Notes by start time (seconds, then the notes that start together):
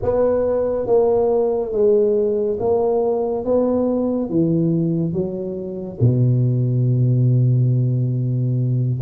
0.02 B3
0.86 A#3
1.72 G#3
2.59 A#3
3.44 B3
4.29 E3
5.12 F#3
6.00 B2